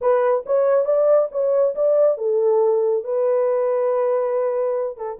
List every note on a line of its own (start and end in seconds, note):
0.01 0.44 B4
0.46 0.85 C#5
0.85 1.28 D5
1.31 1.74 C#5
1.75 2.17 D5
2.17 3.04 A4
3.04 4.97 B4
4.97 5.18 A4